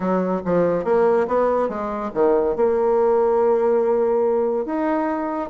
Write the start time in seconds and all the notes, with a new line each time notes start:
0.00 F#3
0.45 F3
0.84 A#3
1.27 B3
1.68 G#3
2.13 D#3
2.55 A#3
4.65 D#4